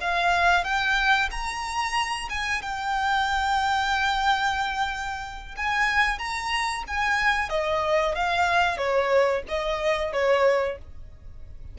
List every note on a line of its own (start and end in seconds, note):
0.00 0.64 F5
0.64 1.29 G5
1.30 2.28 A#5
2.29 2.62 G#5
2.62 5.55 G5
5.56 6.18 G#5
6.18 6.83 A#5
6.87 7.49 G#5
7.49 8.15 D#5
8.15 8.77 F5
8.77 9.42 C#5
9.48 10.12 D#5
10.12 10.78 C#5